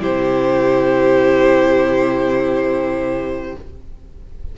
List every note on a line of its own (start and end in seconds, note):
0.00 3.55 C3
0.00 3.56 E4
0.00 3.56 G4
0.00 3.58 C5